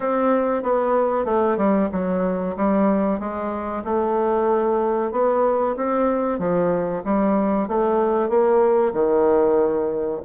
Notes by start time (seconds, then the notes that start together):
0.00 C4
0.62 B3
1.25 A3
1.57 G3
1.92 F#3
2.56 G3
3.19 G#3
3.84 A3
5.11 B3
5.76 C4
6.39 F3
7.04 G3
7.68 A3
8.29 A#3
8.93 D#3